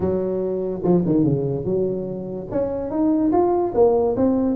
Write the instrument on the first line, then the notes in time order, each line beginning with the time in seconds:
tuba
0.00 F#3
0.83 F3
1.05 D#3
1.24 C#3
1.64 F#3
2.51 C#4
2.90 D#4
3.32 F4
3.74 A#3
4.16 C4